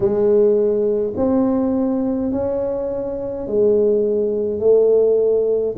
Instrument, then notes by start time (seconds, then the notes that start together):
tuba
0.00 G#3
1.16 C4
2.32 C#4
3.47 G#3
4.59 A3